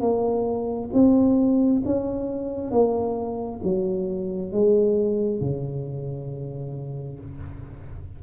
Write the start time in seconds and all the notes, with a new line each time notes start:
0.00 A#3
0.93 C4
1.85 C#4
2.71 A#3
3.63 F#3
4.51 G#3
5.40 C#3